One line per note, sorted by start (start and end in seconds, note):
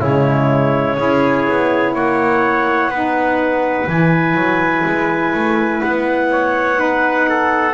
0.00 0.98 C#3
0.00 0.97 G#3
0.00 0.97 E4
0.00 1.95 C#5
0.97 1.47 C#4
0.97 2.90 E4
0.97 1.94 G#4
1.48 1.95 B3
1.94 2.88 A#3
1.94 2.90 C#5
1.94 3.88 F#5
2.88 3.85 B3
2.88 3.86 D#4
2.88 6.29 B4
3.86 4.34 E3
3.86 6.75 E4
3.86 5.81 G#5
4.34 4.83 F#3
4.85 5.33 G#3
5.33 5.82 A3
5.81 7.73 B3
5.81 7.73 F#5
6.31 6.79 C#5
6.75 7.71 D#4
6.75 7.28 B4
7.29 7.73 A4